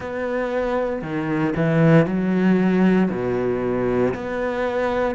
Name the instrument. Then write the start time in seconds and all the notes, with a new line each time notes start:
cello
0.00 B3
1.02 D#3
1.56 E3
2.05 F#3
3.10 B2
4.14 B3